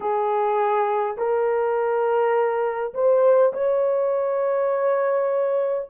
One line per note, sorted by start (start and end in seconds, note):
0.00 1.17 G#4
1.17 2.94 A#4
2.94 3.52 C5
3.53 5.88 C#5